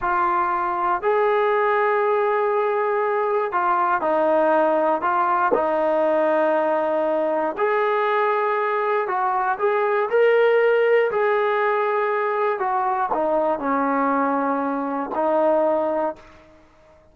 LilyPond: \new Staff \with { instrumentName = "trombone" } { \time 4/4 \tempo 4 = 119 f'2 gis'2~ | gis'2. f'4 | dis'2 f'4 dis'4~ | dis'2. gis'4~ |
gis'2 fis'4 gis'4 | ais'2 gis'2~ | gis'4 fis'4 dis'4 cis'4~ | cis'2 dis'2 | }